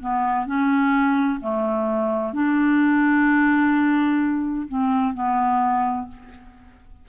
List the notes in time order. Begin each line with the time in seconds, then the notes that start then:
0.00 B3
0.46 C#4
1.40 A3
2.33 D4
4.67 C4
5.14 B3